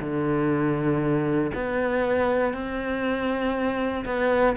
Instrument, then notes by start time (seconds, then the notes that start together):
cello
0.00 D3
1.54 B3
2.53 C4
4.05 B3